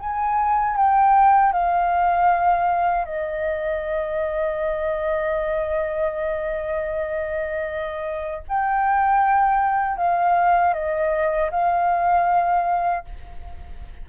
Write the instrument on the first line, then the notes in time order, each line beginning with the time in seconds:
flute
0.00 G#5
0.77 G5
1.53 F5
3.05 D#5
8.49 G5
9.98 F5
10.74 D#5
11.51 F5